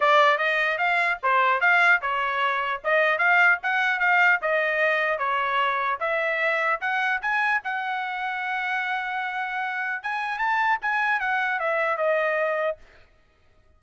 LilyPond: \new Staff \with { instrumentName = "trumpet" } { \time 4/4 \tempo 4 = 150 d''4 dis''4 f''4 c''4 | f''4 cis''2 dis''4 | f''4 fis''4 f''4 dis''4~ | dis''4 cis''2 e''4~ |
e''4 fis''4 gis''4 fis''4~ | fis''1~ | fis''4 gis''4 a''4 gis''4 | fis''4 e''4 dis''2 | }